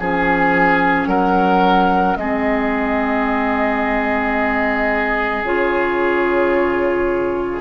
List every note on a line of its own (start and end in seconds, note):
0.00 1.07 F3
0.00 2.19 C#4
0.00 1.08 G#4
0.00 1.07 G#5
1.07 2.16 F#3
1.07 2.17 A#4
1.07 2.16 F#5
2.16 5.43 G#3
2.16 5.45 C4
2.16 7.61 G#4
2.16 5.43 D#5
5.43 7.61 C#3
5.43 7.61 F4
5.43 7.61 C#5